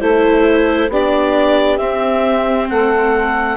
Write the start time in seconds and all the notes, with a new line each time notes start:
0.00 A3 E4 A4 C5
0.89 B3 D4 G4 D5
1.78 C4 E5
2.69 A3 A4 F#5